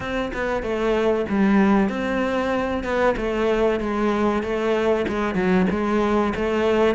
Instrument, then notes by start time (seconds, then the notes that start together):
cello
0.00 C4
0.33 B3
0.62 A3
1.29 G3
1.89 C4
2.83 B3
3.16 A3
3.80 G#3
4.42 A3
5.08 G#3
5.34 F#3
5.70 G#3
6.35 A3